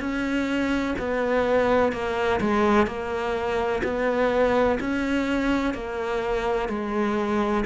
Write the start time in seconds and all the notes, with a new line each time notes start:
0.00 C#4
0.99 B3
1.93 A#3
2.40 G#3
2.87 A#3
3.84 B3
4.80 C#4
5.74 A#3
6.69 G#3